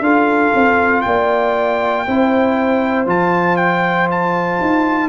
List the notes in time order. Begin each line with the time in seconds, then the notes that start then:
0.00 D4 F4 A4 F5
0.54 C4
1.01 A#3 D5 G5
2.06 C4 E4 C5
3.06 F3 F4 A5
3.56 G5
4.11 A5
4.61 D#4